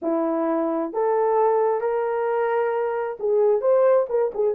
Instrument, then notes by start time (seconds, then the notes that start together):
horn
0.01 E4
0.92 A4
1.81 A#4
3.19 G#4
3.61 C5
4.09 A#4
4.34 G#4